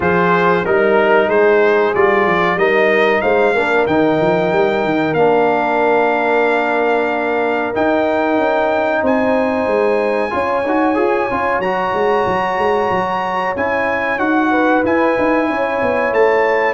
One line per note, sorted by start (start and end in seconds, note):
0.00 0.65 F3
0.00 0.64 F4
0.00 0.64 G#4
0.00 0.65 C5
0.64 1.28 G3
0.64 1.94 D#4
0.64 1.28 A#4
0.64 1.29 A#4
1.28 1.93 G#3
1.28 2.57 G#4
1.28 1.94 C5
1.94 2.26 G3
1.94 2.58 F4
1.94 2.58 D5
2.26 2.55 F3
2.55 3.19 G3
2.55 3.55 D#4
2.55 3.22 A#4
2.55 3.21 D#5
3.21 3.53 G#3
3.21 3.54 C5
3.21 3.85 F5
3.53 3.86 A#3
3.53 3.88 D4
3.53 9.02 A#4
3.86 4.19 D#3
3.86 5.16 D#4
3.86 5.13 G5
4.20 4.52 F3
4.52 4.84 G3
4.84 5.13 D#3
5.13 7.71 A#3
5.13 7.74 D4
5.13 7.72 F5
7.74 10.30 D#4
7.74 8.37 D#4
7.74 9.04 G5
8.37 9.01 C#4
9.02 9.66 C4
9.02 10.31 C5
9.02 11.61 G#5
9.66 10.31 G#3
10.30 10.64 C#4
10.30 10.62 F4
10.30 14.50 C#5
10.64 10.97 D#4
10.64 10.94 F#4
10.94 11.29 F4
10.94 11.27 G#4
11.30 11.59 C#4
11.30 11.62 F4
11.59 11.91 F#3
11.59 13.56 F#4
11.59 13.54 A#5
11.93 12.26 G#3
12.26 12.58 F#3
12.58 12.90 G#3
12.90 13.55 F#3
13.56 14.18 C#4
13.56 14.18 E4
13.56 14.18 G#5
14.18 14.83 D#4
14.18 14.83 F#4
14.18 14.83 F#5
14.50 15.47 B4
14.84 15.16 E4
14.84 16.73 E4
14.84 16.13 G#5
15.18 15.49 D#4
15.49 15.81 C#4
15.49 16.73 C#5
15.81 16.12 B3
16.12 16.73 A3
16.12 16.73 A5